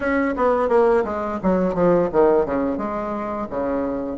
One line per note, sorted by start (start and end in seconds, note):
0.00 0.35 C#4
0.36 0.68 B3
0.68 1.03 A#3
1.04 1.39 G#3
1.42 1.74 F#3
1.74 2.09 F3
2.12 2.45 D#3
2.45 2.77 C#3
2.77 3.47 G#3
3.49 4.17 C#3